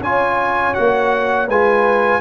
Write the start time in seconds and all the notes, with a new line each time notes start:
0.00 C#4 F4 C#5 G#5
0.74 A#3 F#4 F#5
1.48 G#3 F4 B4 G#5